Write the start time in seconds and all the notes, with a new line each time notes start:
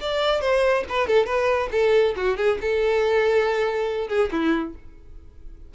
0.00 D5
0.40 C5
0.89 B4
1.07 A4
1.25 B4
1.71 A4
2.16 F#4
2.36 G#4
2.61 A4
4.08 G#4
4.31 E4